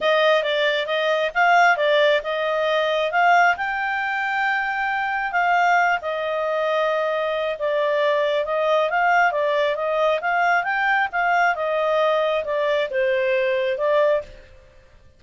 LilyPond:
\new Staff \with { instrumentName = "clarinet" } { \time 4/4 \tempo 4 = 135 dis''4 d''4 dis''4 f''4 | d''4 dis''2 f''4 | g''1 | f''4. dis''2~ dis''8~ |
dis''4 d''2 dis''4 | f''4 d''4 dis''4 f''4 | g''4 f''4 dis''2 | d''4 c''2 d''4 | }